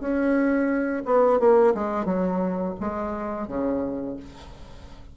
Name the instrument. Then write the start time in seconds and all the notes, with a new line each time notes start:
bassoon
0.00 C#4
1.05 B3
1.39 A#3
1.74 G#3
2.05 F#3
2.80 G#3
3.48 C#3